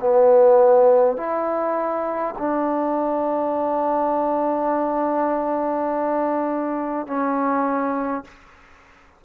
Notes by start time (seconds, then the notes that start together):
0.00 B3
1.18 E4
2.39 D4
7.07 C#4